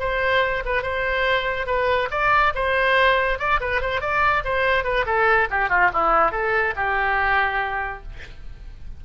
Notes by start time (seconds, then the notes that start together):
0.00 C5
0.65 B4
0.83 C5
1.67 B4
2.11 D5
2.55 C5
3.39 D5
3.61 B4
3.81 C5
4.01 D5
4.45 C5
4.84 B4
5.06 A4
5.51 G4
5.69 F4
5.93 E4
6.32 A4
6.76 G4